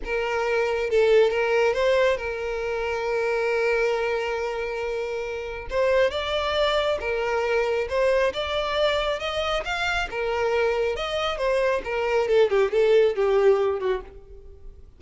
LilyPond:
\new Staff \with { instrumentName = "violin" } { \time 4/4 \tempo 4 = 137 ais'2 a'4 ais'4 | c''4 ais'2.~ | ais'1~ | ais'4 c''4 d''2 |
ais'2 c''4 d''4~ | d''4 dis''4 f''4 ais'4~ | ais'4 dis''4 c''4 ais'4 | a'8 g'8 a'4 g'4. fis'8 | }